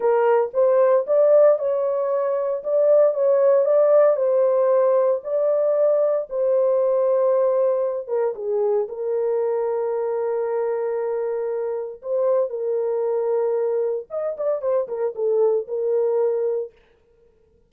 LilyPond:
\new Staff \with { instrumentName = "horn" } { \time 4/4 \tempo 4 = 115 ais'4 c''4 d''4 cis''4~ | cis''4 d''4 cis''4 d''4 | c''2 d''2 | c''2.~ c''8 ais'8 |
gis'4 ais'2.~ | ais'2. c''4 | ais'2. dis''8 d''8 | c''8 ais'8 a'4 ais'2 | }